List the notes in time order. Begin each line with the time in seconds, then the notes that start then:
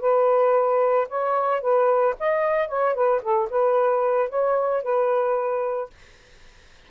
0.00 B4
1.08 C#5
1.61 B4
2.19 D#5
2.68 C#5
2.94 B4
3.22 A4
3.49 B4
4.29 C#5
4.83 B4